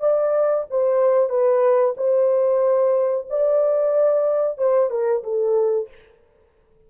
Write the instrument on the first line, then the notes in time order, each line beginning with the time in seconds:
horn
0.00 D5
0.71 C5
1.30 B4
1.97 C5
3.30 D5
4.58 C5
4.91 A#4
5.24 A4